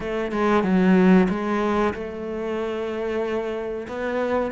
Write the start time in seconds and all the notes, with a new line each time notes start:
0.00 A3
0.31 G#3
0.63 F#3
1.29 G#3
1.94 A3
3.88 B3